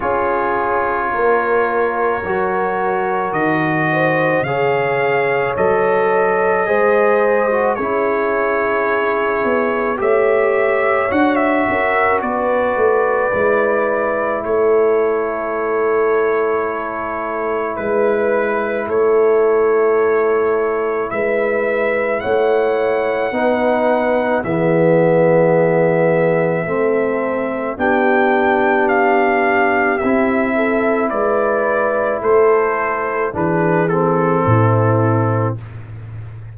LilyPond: <<
  \new Staff \with { instrumentName = "trumpet" } { \time 4/4 \tempo 4 = 54 cis''2. dis''4 | f''4 dis''2 cis''4~ | cis''4 e''4 fis''16 e''8. d''4~ | d''4 cis''2. |
b'4 cis''2 e''4 | fis''2 e''2~ | e''4 g''4 f''4 e''4 | d''4 c''4 b'8 a'4. | }
  \new Staff \with { instrumentName = "horn" } { \time 4/4 gis'4 ais'2~ ais'8 c''8 | cis''2 c''4 gis'4~ | gis'4 cis''4. ais'8 b'4~ | b'4 a'2. |
b'4 a'2 b'4 | cis''4 b'4 gis'2 | a'4 g'2~ g'8 a'8 | b'4 a'4 gis'4 e'4 | }
  \new Staff \with { instrumentName = "trombone" } { \time 4/4 f'2 fis'2 | gis'4 a'4 gis'8. fis'16 e'4~ | e'4 g'4 fis'2 | e'1~ |
e'1~ | e'4 dis'4 b2 | c'4 d'2 e'4~ | e'2 d'8 c'4. | }
  \new Staff \with { instrumentName = "tuba" } { \time 4/4 cis'4 ais4 fis4 dis4 | cis4 fis4 gis4 cis'4~ | cis'8 b8 a4 d'8 cis'8 b8 a8 | gis4 a2. |
gis4 a2 gis4 | a4 b4 e2 | a4 b2 c'4 | gis4 a4 e4 a,4 | }
>>